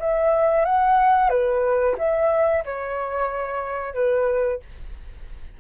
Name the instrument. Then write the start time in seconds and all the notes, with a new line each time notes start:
flute
0.00 E5
0.65 F#5
1.30 B4
1.98 E5
2.65 C#5
3.94 B4